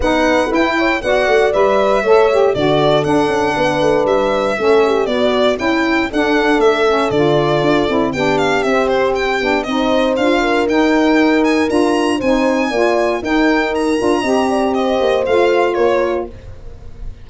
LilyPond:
<<
  \new Staff \with { instrumentName = "violin" } { \time 4/4 \tempo 4 = 118 fis''4 g''4 fis''4 e''4~ | e''4 d''4 fis''2 | e''2 d''4 g''4 | fis''4 e''4 d''2 |
g''8 f''8 e''8 c''8 g''4 dis''4 | f''4 g''4. gis''8 ais''4 | gis''2 g''4 ais''4~ | ais''4 dis''4 f''4 cis''4 | }
  \new Staff \with { instrumentName = "horn" } { \time 4/4 b'4. cis''8 d''2 | cis''4 a'2 b'4~ | b'4 a'8 g'8 fis'4 e'4 | a'1 |
g'2. c''4~ | c''8 ais'2.~ ais'8 | c''4 d''4 ais'2 | dis''8 d''8 c''2 ais'4 | }
  \new Staff \with { instrumentName = "saxophone" } { \time 4/4 dis'4 e'4 fis'4 b'4 | a'8 g'8 fis'4 d'2~ | d'4 cis'4 b4 e'4 | d'4. cis'8 f'4. e'8 |
d'4 c'4. d'8 dis'4 | f'4 dis'2 f'4 | dis'4 f'4 dis'4. f'8 | g'2 f'2 | }
  \new Staff \with { instrumentName = "tuba" } { \time 4/4 b4 e'4 b8 a8 g4 | a4 d4 d'8 cis'8 b8 a8 | g4 a4 b4 cis'4 | d'4 a4 d4 d'8 c'8 |
b4 c'4. b8 c'4 | d'4 dis'2 d'4 | c'4 ais4 dis'4. d'8 | c'4. ais8 a4 ais4 | }
>>